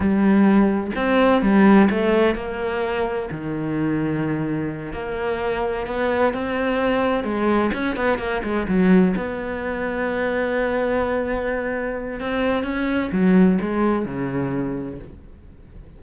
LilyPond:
\new Staff \with { instrumentName = "cello" } { \time 4/4 \tempo 4 = 128 g2 c'4 g4 | a4 ais2 dis4~ | dis2~ dis8 ais4.~ | ais8 b4 c'2 gis8~ |
gis8 cis'8 b8 ais8 gis8 fis4 b8~ | b1~ | b2 c'4 cis'4 | fis4 gis4 cis2 | }